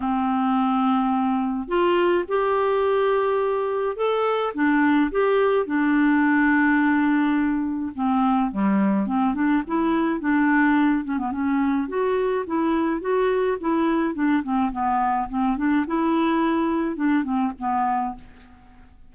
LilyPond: \new Staff \with { instrumentName = "clarinet" } { \time 4/4 \tempo 4 = 106 c'2. f'4 | g'2. a'4 | d'4 g'4 d'2~ | d'2 c'4 g4 |
c'8 d'8 e'4 d'4. cis'16 b16 | cis'4 fis'4 e'4 fis'4 | e'4 d'8 c'8 b4 c'8 d'8 | e'2 d'8 c'8 b4 | }